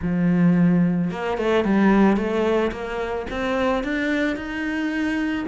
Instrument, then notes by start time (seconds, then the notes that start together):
cello
0.01 F3
1.10 A#3
1.37 A3
1.64 G3
2.16 A3
2.71 A#3
3.30 C4
3.83 D4
4.36 D#4